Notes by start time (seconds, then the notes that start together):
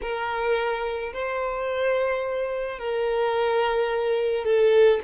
0.02 A#4
1.13 C5
2.78 A#4
4.44 A4